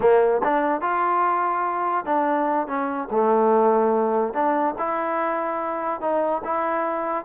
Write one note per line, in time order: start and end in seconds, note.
0.00 0.41 A#3
0.43 0.81 D4
0.81 2.05 F4
2.05 2.67 D4
2.67 3.08 C#4
3.10 4.33 A3
4.33 4.75 D4
4.78 6.00 E4
6.00 6.42 D#4
6.44 7.24 E4